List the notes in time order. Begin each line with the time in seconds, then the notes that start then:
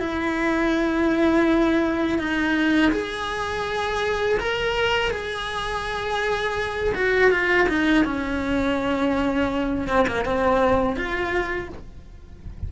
0.00 E4
2.19 D#4
2.92 G#4
4.40 A#4
5.11 G#4
6.95 F#4
7.31 F4
7.69 D#4
8.05 C#4
9.88 C4
10.08 A#3
10.25 C4
10.96 F4